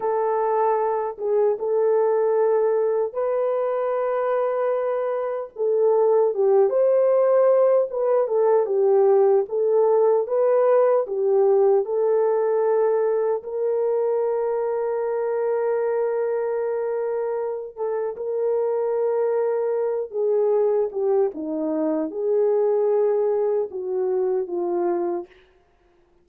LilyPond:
\new Staff \with { instrumentName = "horn" } { \time 4/4 \tempo 4 = 76 a'4. gis'8 a'2 | b'2. a'4 | g'8 c''4. b'8 a'8 g'4 | a'4 b'4 g'4 a'4~ |
a'4 ais'2.~ | ais'2~ ais'8 a'8 ais'4~ | ais'4. gis'4 g'8 dis'4 | gis'2 fis'4 f'4 | }